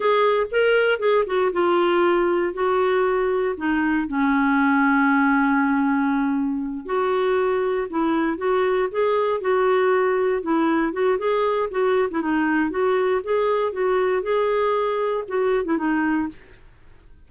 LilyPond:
\new Staff \with { instrumentName = "clarinet" } { \time 4/4 \tempo 4 = 118 gis'4 ais'4 gis'8 fis'8 f'4~ | f'4 fis'2 dis'4 | cis'1~ | cis'4. fis'2 e'8~ |
e'8 fis'4 gis'4 fis'4.~ | fis'8 e'4 fis'8 gis'4 fis'8. e'16 | dis'4 fis'4 gis'4 fis'4 | gis'2 fis'8. e'16 dis'4 | }